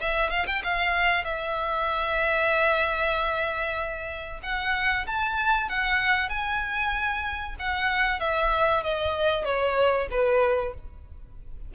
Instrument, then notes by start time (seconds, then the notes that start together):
violin
0.00 E5
0.30 F5
0.46 G5
0.63 F5
1.24 E5
4.43 F#5
5.06 A5
5.69 F#5
6.29 G#5
7.59 F#5
8.20 E5
8.83 D#5
9.44 C#5
10.11 B4